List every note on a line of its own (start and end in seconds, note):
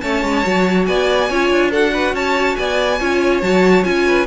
0.00 0.22 A3
0.00 0.44 C#4
0.00 0.87 C#5
0.00 0.85 A5
0.22 0.43 G#3
0.44 0.87 F#3
0.44 1.29 F#4
0.85 1.30 B3
0.85 1.29 D5
0.85 1.70 G#5
1.29 1.49 C#4
1.29 1.71 F4
1.29 1.70 C#5
1.49 2.13 D4
1.70 2.99 F#4
1.70 1.91 A4
1.70 2.15 F#5
1.93 2.14 B4
2.13 2.55 C#4
2.13 2.57 C#5
2.13 2.56 A5
2.56 3.00 B3
2.56 2.99 D5
2.56 3.41 G#5
2.99 3.41 C#4
2.99 3.42 F4
2.99 4.05 C#5
3.41 3.84 F#3
3.41 3.83 F#4
3.41 3.84 A5
3.83 4.27 C#4
3.83 4.26 F4
3.83 4.26 G#5
4.06 4.27 B4